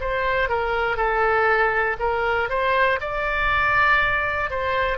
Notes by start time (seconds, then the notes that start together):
0.00 C5
0.49 A#4
0.97 A4
2.00 A#4
2.50 C5
3.01 D5
4.50 C5